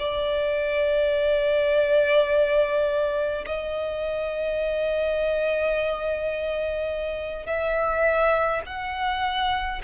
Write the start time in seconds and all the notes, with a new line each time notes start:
0.00 D5
3.47 D#5
7.47 E5
8.66 F#5